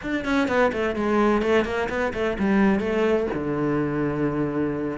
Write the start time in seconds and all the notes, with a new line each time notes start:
0.02 D4
0.24 C#4
0.48 B3
0.72 A3
0.95 G#3
1.42 A3
1.64 A#3
1.89 B3
2.13 A3
2.39 G3
2.79 A3
3.34 D3